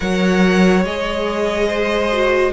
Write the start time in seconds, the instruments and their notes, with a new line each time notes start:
0.00 cello F#3, viola A#4, violin C#5 F#5
0.84 cello G#3, viola G#4, violin D#5
1.67 violin C5
2.12 viola F#4